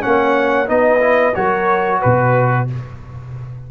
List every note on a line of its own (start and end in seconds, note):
0.00 0.68 A#3
0.00 0.66 C#4
0.00 0.69 C#5
0.00 0.68 F#5
0.66 1.34 B3
0.66 0.99 D#4
0.66 1.36 B4
0.66 1.34 D#5
1.00 1.33 E4
1.34 2.02 F#3
1.34 2.67 F#4
1.34 1.99 A#4
1.34 2.00 C#5
1.99 2.70 B2
1.99 2.65 B4
1.99 2.67 B4